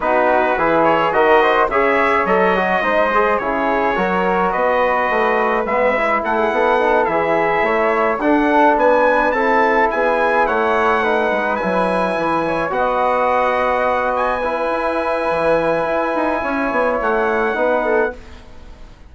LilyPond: <<
  \new Staff \with { instrumentName = "trumpet" } { \time 4/4 \tempo 4 = 106 b'4. cis''8 dis''4 e''4 | dis''2 cis''2 | dis''2 e''4 fis''4~ | fis''8 e''2 fis''4 gis''8~ |
gis''8 a''4 gis''4 fis''4.~ | fis''8 gis''2 fis''4.~ | fis''4 gis''2.~ | gis''2 fis''2 | }
  \new Staff \with { instrumentName = "flute" } { \time 4/4 fis'4 gis'4 ais'8 c''8 cis''4~ | cis''4 c''4 gis'4 ais'4 | b'2. a'16 gis'16 a'8~ | a'8 gis'4 cis''4 a'4 b'8~ |
b'8 a'4 gis'4 cis''4 b'8~ | b'2 cis''8 dis''4.~ | dis''4. b'2~ b'8~ | b'4 cis''2 b'8 a'8 | }
  \new Staff \with { instrumentName = "trombone" } { \time 4/4 dis'4 e'4 fis'4 gis'4 | a'8 fis'8 dis'8 gis'8 e'4 fis'4~ | fis'2 b8 e'4. | dis'8 e'2 d'4.~ |
d'8 e'2. dis'8~ | dis'8 e'2 fis'4.~ | fis'4. e'2~ e'8~ | e'2. dis'4 | }
  \new Staff \with { instrumentName = "bassoon" } { \time 4/4 b4 e4 dis4 cis4 | fis4 gis4 cis4 fis4 | b4 a4 gis4 a8 b8~ | b8 e4 a4 d'4 b8~ |
b8 c'4 b4 a4. | gis8 fis4 e4 b4.~ | b2 e'4 e4 | e'8 dis'8 cis'8 b8 a4 b4 | }
>>